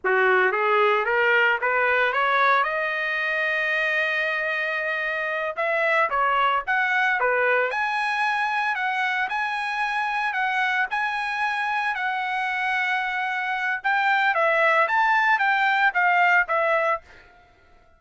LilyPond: \new Staff \with { instrumentName = "trumpet" } { \time 4/4 \tempo 4 = 113 fis'4 gis'4 ais'4 b'4 | cis''4 dis''2.~ | dis''2~ dis''8 e''4 cis''8~ | cis''8 fis''4 b'4 gis''4.~ |
gis''8 fis''4 gis''2 fis''8~ | fis''8 gis''2 fis''4.~ | fis''2 g''4 e''4 | a''4 g''4 f''4 e''4 | }